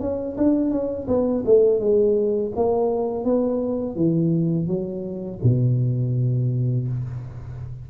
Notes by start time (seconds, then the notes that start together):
0.00 C#4
0.37 D4
0.71 C#4
1.07 B3
1.45 A3
1.79 G#3
2.55 A#3
3.24 B3
3.96 E3
4.67 F#3
5.43 B2